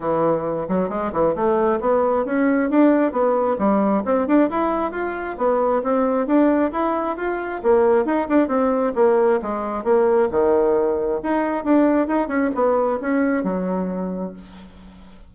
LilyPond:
\new Staff \with { instrumentName = "bassoon" } { \time 4/4 \tempo 4 = 134 e4. fis8 gis8 e8 a4 | b4 cis'4 d'4 b4 | g4 c'8 d'8 e'4 f'4 | b4 c'4 d'4 e'4 |
f'4 ais4 dis'8 d'8 c'4 | ais4 gis4 ais4 dis4~ | dis4 dis'4 d'4 dis'8 cis'8 | b4 cis'4 fis2 | }